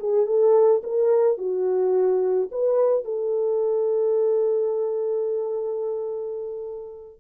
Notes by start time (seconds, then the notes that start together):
0.00 G#4
0.26 A4
0.84 A#4
1.38 F#4
2.52 B4
3.05 A4